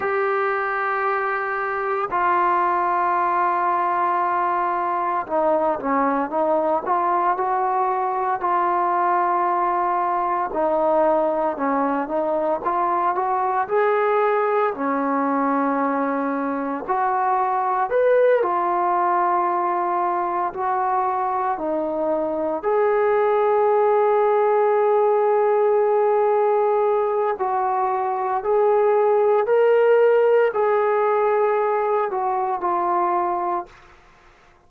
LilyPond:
\new Staff \with { instrumentName = "trombone" } { \time 4/4 \tempo 4 = 57 g'2 f'2~ | f'4 dis'8 cis'8 dis'8 f'8 fis'4 | f'2 dis'4 cis'8 dis'8 | f'8 fis'8 gis'4 cis'2 |
fis'4 b'8 f'2 fis'8~ | fis'8 dis'4 gis'2~ gis'8~ | gis'2 fis'4 gis'4 | ais'4 gis'4. fis'8 f'4 | }